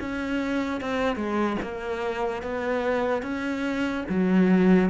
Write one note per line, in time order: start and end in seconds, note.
0.00 0.81 C#4
0.81 1.16 C4
1.16 1.57 G#3
1.62 2.42 A#3
2.42 3.22 B3
3.22 4.04 C#4
4.09 4.90 F#3